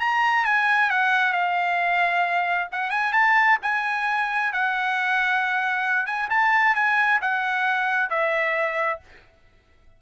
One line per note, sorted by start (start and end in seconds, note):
0.00 0.45 A#5
0.45 0.90 G#5
0.90 1.33 F#5
1.33 2.68 F5
2.72 2.90 F#5
2.90 3.13 G#5
3.13 3.58 A5
3.62 4.53 G#5
4.53 6.06 F#5
6.06 6.29 G#5
6.30 6.75 A5
6.75 7.20 G#5
7.21 8.10 F#5
8.10 9.00 E5